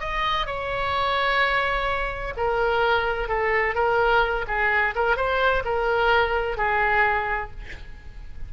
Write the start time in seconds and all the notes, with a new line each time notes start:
0.00 D#5
0.46 C#5
2.37 A#4
3.28 A4
3.75 A#4
4.48 G#4
4.95 A#4
5.16 C5
5.65 A#4
6.57 G#4